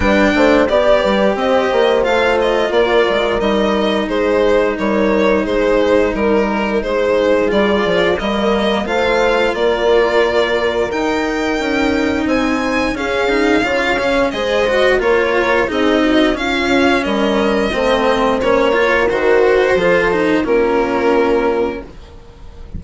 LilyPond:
<<
  \new Staff \with { instrumentName = "violin" } { \time 4/4 \tempo 4 = 88 g''4 d''4 dis''4 f''8 dis''8 | d''4 dis''4 c''4 cis''4 | c''4 ais'4 c''4 d''4 | dis''4 f''4 d''2 |
g''2 gis''4 f''4~ | f''4 dis''4 cis''4 dis''4 | f''4 dis''2 cis''4 | c''2 ais'2 | }
  \new Staff \with { instrumentName = "horn" } { \time 4/4 b'8 c''8 d''8 b'8 c''2 | ais'2 gis'4 ais'4 | gis'4 ais'4 gis'2 | ais'4 c''4 ais'2~ |
ais'2 c''4 gis'4 | cis''4 c''4 ais'4 gis'8 fis'8 | f'4 ais'4 c''4. ais'8~ | ais'4 a'4 f'2 | }
  \new Staff \with { instrumentName = "cello" } { \time 4/4 d'4 g'2 f'4~ | f'4 dis'2.~ | dis'2. f'4 | ais4 f'2. |
dis'2. cis'8 dis'8 | f'8 cis'8 gis'8 fis'8 f'4 dis'4 | cis'2 c'4 cis'8 f'8 | fis'4 f'8 dis'8 cis'2 | }
  \new Staff \with { instrumentName = "bassoon" } { \time 4/4 g8 a8 b8 g8 c'8 ais8 a4 | ais8 gis8 g4 gis4 g4 | gis4 g4 gis4 g8 f8 | g4 a4 ais2 |
dis'4 cis'4 c'4 cis'4 | cis4 gis4 ais4 c'4 | cis'4 g4 a4 ais4 | dis4 f4 ais2 | }
>>